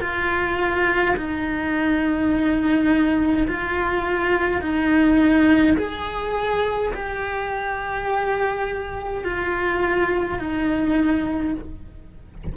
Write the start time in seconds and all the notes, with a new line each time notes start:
0.00 F4
1.16 D#4
3.47 F4
4.61 D#4
5.77 G#4
6.93 G4
9.24 F4
10.38 D#4